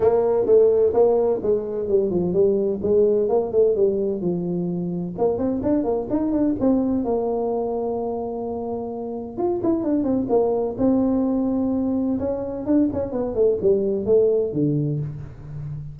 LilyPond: \new Staff \with { instrumentName = "tuba" } { \time 4/4 \tempo 4 = 128 ais4 a4 ais4 gis4 | g8 f8 g4 gis4 ais8 a8 | g4 f2 ais8 c'8 | d'8 ais8 dis'8 d'8 c'4 ais4~ |
ais1 | f'8 e'8 d'8 c'8 ais4 c'4~ | c'2 cis'4 d'8 cis'8 | b8 a8 g4 a4 d4 | }